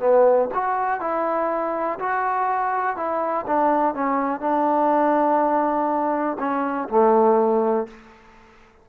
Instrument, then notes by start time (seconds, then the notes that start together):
trombone
0.00 B3
0.55 F#4
1.01 E4
2.00 F#4
2.97 E4
3.47 D4
3.95 C#4
4.41 D4
6.40 C#4
6.89 A3